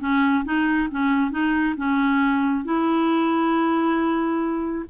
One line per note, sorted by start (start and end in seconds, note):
0.00 0.44 C#4
0.45 0.89 D#4
0.91 1.31 C#4
1.31 1.75 D#4
1.77 2.65 C#4
2.65 4.85 E4